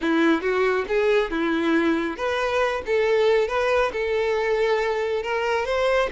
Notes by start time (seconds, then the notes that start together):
0.01 E4
0.41 F#4
0.88 G#4
1.30 E4
2.16 B4
2.86 A4
3.48 B4
3.92 A4
5.22 A#4
5.65 C5